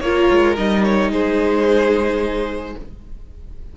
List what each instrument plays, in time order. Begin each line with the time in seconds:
0.00 cello A#3, viola F4, violin A#4 C#5
0.31 cello G#3
0.56 cello G3, viola D#4, violin D#5
0.84 violin C#5
1.09 cello G#3, violin G#4 C5